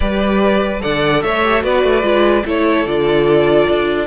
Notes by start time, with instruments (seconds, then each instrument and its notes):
0.00 cello G3, viola G4, violin B4 D5
0.79 cello D3, viola A4, violin D5 F#5
1.22 cello A3, violin C#5 E5
1.44 viola G4
1.61 cello B3, viola F#4, violin B4 D5
1.83 cello A3
2.02 cello G#3, viola F4
2.45 cello A3, viola E4, violin A4 C#5
2.85 cello D3, viola F4, violin D5
3.68 cello D4